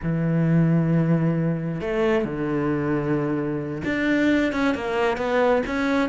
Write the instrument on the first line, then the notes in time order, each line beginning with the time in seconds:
cello
0.02 E3
1.80 A3
2.24 D3
3.84 D4
4.52 C#4
4.74 A#3
5.17 B3
5.66 C#4